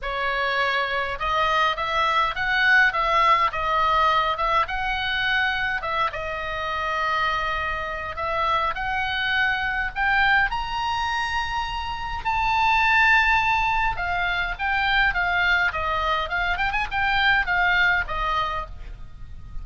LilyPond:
\new Staff \with { instrumentName = "oboe" } { \time 4/4 \tempo 4 = 103 cis''2 dis''4 e''4 | fis''4 e''4 dis''4. e''8 | fis''2 e''8 dis''4.~ | dis''2 e''4 fis''4~ |
fis''4 g''4 ais''2~ | ais''4 a''2. | f''4 g''4 f''4 dis''4 | f''8 g''16 gis''16 g''4 f''4 dis''4 | }